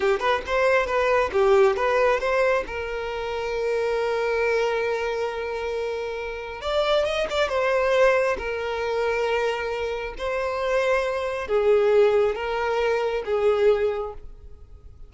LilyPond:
\new Staff \with { instrumentName = "violin" } { \time 4/4 \tempo 4 = 136 g'8 b'8 c''4 b'4 g'4 | b'4 c''4 ais'2~ | ais'1~ | ais'2. d''4 |
dis''8 d''8 c''2 ais'4~ | ais'2. c''4~ | c''2 gis'2 | ais'2 gis'2 | }